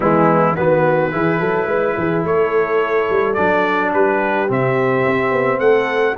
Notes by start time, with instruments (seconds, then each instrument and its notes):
0.00 tuba E3, trombone G#3, horn B3, trumpet E4
0.55 tuba D#3, trombone B3, horn F#4, trumpet B4
1.11 tuba E3, trombone E4, horn G#4
1.39 tuba F#3, horn A4
1.66 tuba G#3, horn B4
1.97 tuba E3, horn G#4
2.24 tuba A3, horn A4, trumpet C#5
3.09 tuba G3
3.34 tuba F#3, trombone D4, trumpet D5
3.93 tuba G3, horn G4, trumpet B4
4.48 tuba C3, trombone C4, trumpet E5
5.06 tuba C4
5.32 tuba B3
5.58 tuba A3, horn A4, trumpet F#5